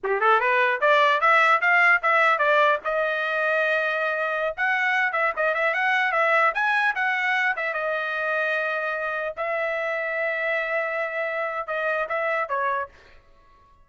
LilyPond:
\new Staff \with { instrumentName = "trumpet" } { \time 4/4 \tempo 4 = 149 g'8 a'8 b'4 d''4 e''4 | f''4 e''4 d''4 dis''4~ | dis''2.~ dis''16 fis''8.~ | fis''8. e''8 dis''8 e''8 fis''4 e''8.~ |
e''16 gis''4 fis''4. e''8 dis''8.~ | dis''2.~ dis''16 e''8.~ | e''1~ | e''4 dis''4 e''4 cis''4 | }